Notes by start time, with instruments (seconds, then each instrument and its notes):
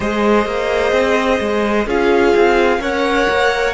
0.00 cello G#3, viola G#4, violin C5 D#5
0.46 cello A#3
0.92 cello C4
1.39 cello G#3
1.86 cello C#4, viola F4, violin G#4 F5
2.36 cello C4
2.79 cello C#4, viola A#4, violin C#5 F#5
3.29 cello A#3